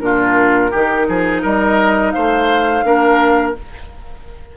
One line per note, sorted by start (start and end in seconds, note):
0.00 0.71 A#2
0.00 0.71 D4
0.00 0.71 F4
0.00 1.41 A#4
0.71 1.08 D#3
0.71 2.84 D#4
0.71 1.06 G4
1.08 1.44 F3
1.08 1.42 G#4
1.42 2.14 G3
1.42 2.12 A#4
1.42 2.11 D#5
2.11 2.84 A3
2.11 2.85 C5
2.11 3.52 F5
2.84 3.55 A#3
2.84 3.54 D4
2.84 3.57 A#4